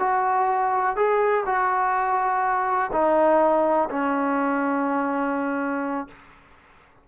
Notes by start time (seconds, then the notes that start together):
0.00 F#4
0.96 G#4
1.46 F#4
2.93 D#4
3.90 C#4